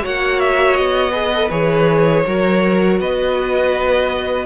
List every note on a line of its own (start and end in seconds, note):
0.00 0.78 A#3
0.00 1.11 F#4
0.00 1.11 C#5
0.00 0.40 F#5
0.40 0.76 E5
0.76 1.50 B3
0.76 1.50 D#5
1.11 1.30 G#4
1.11 2.22 B4
1.34 1.50 A4
1.50 2.24 E3
1.50 2.24 G#4
1.50 2.98 C#5
2.25 3.00 F#3
2.25 4.45 F#4
2.25 3.00 A#4
3.00 4.45 B3
3.00 4.45 B4
3.00 4.45 D#5